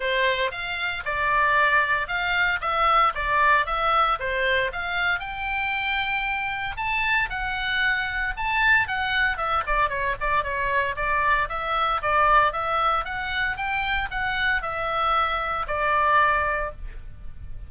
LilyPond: \new Staff \with { instrumentName = "oboe" } { \time 4/4 \tempo 4 = 115 c''4 f''4 d''2 | f''4 e''4 d''4 e''4 | c''4 f''4 g''2~ | g''4 a''4 fis''2 |
a''4 fis''4 e''8 d''8 cis''8 d''8 | cis''4 d''4 e''4 d''4 | e''4 fis''4 g''4 fis''4 | e''2 d''2 | }